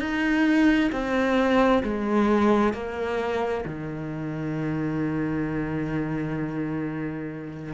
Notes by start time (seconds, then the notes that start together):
0.00 D#4
0.93 C4
1.83 G#3
2.74 A#3
3.66 D#3